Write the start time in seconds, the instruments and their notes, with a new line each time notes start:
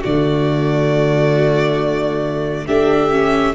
0.00 tuba D3, viola A3, violin F#4 D5
2.66 tuba A3, viola D4, violin G4 E5
3.11 viola C#4